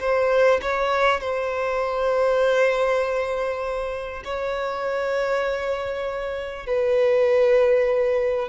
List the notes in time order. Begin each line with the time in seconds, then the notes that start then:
0.00 C5
0.62 C#5
1.20 C5
4.25 C#5
6.67 B4